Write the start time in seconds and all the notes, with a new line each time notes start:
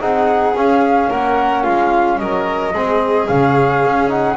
0.00 C4 D#4 G#4 F#5
0.54 C#4 F5
1.10 A#3 A#4 F#5
1.63 G#3 F4 F5
2.19 F#3 A#4 D#5
2.74 G#3 C4 G#4
3.28 C#3 C#4 F5
3.85 C#4
4.08 D#4 F#5